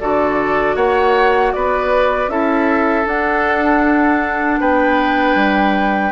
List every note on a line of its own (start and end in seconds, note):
0.00 0.75 D3
0.00 2.29 F#4
0.00 0.75 A4
0.00 0.76 D5
0.75 1.52 A#3
0.75 1.52 C#5
0.75 1.53 F#5
1.53 2.28 B3
1.53 2.31 B4
1.53 2.29 D5
2.28 3.04 C#4
2.28 3.05 E4
2.28 4.60 A4
2.28 3.06 E5
3.05 6.12 D4
3.05 4.60 D4
3.05 4.60 F#5
4.60 5.35 B3
4.60 6.12 B4
4.60 6.12 G5
5.35 6.12 G3